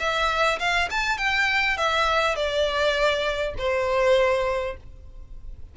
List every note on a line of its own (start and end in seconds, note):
0.00 0.59 E5
0.59 0.89 F5
0.91 1.18 A5
1.18 1.77 G5
1.78 2.36 E5
2.36 3.55 D5
3.58 4.77 C5